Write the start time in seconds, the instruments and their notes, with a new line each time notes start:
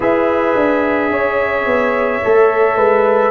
0.00 tuba E4, trombone G#4, horn B4, trumpet E5
0.55 tuba D4
1.10 tuba C#4, horn C#5
1.66 tuba B3
2.24 tuba A3, trombone A4
2.76 tuba G#3, horn B4